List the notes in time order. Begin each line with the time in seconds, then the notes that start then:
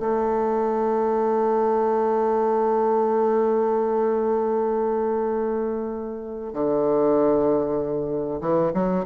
0.00 A3
6.53 D3
8.41 E3
8.74 F#3